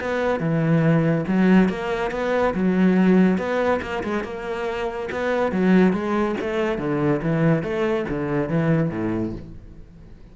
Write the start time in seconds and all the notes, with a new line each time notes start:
0.00 B3
0.40 E3
1.27 F#3
1.69 A#3
2.11 B3
2.54 F#3
3.38 B3
3.82 A#3
4.03 G#3
4.24 A#3
5.11 B3
5.52 F#3
5.93 G#3
6.40 A3
6.78 D3
7.22 E3
7.63 A3
8.09 D3
8.49 E3
8.90 A2